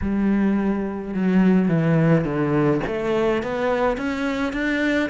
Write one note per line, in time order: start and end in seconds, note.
0.01 1.14 G3
1.14 1.68 F#3
1.68 2.24 E3
2.24 2.80 D3
2.86 3.42 A3
3.42 3.97 B3
3.97 4.53 C#4
4.53 5.09 D4